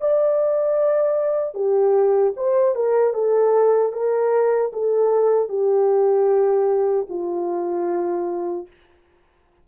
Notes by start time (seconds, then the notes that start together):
0.00 D5
1.54 G4
2.36 C5
2.75 A#4
3.13 A4
3.92 A#4
4.72 A4
5.48 G4
7.09 F4